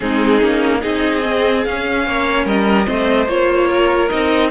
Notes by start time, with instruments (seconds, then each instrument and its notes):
0.00 cello G#3, viola C4, violin D#4 G#4
0.41 cello A#3, viola C#4
0.80 cello C4, viola D#4, violin G#4 D#5
1.25 viola C4
1.64 cello C#4, viola C#4, violin F5
2.07 cello A#3, violin C#5
2.45 cello G3, violin A#4 D#5
2.85 cello A3, viola C4, violin C5
3.27 cello A#3, viola F4, violin C#5
3.67 violin A#4
4.08 cello C4, viola D#4, violin D#5